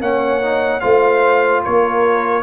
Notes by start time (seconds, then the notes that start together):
0.00 A#3 C#4 C#5 F#5
0.41 D#4
0.80 A3 F4 C5 F5
1.63 A#3 A#4 C#5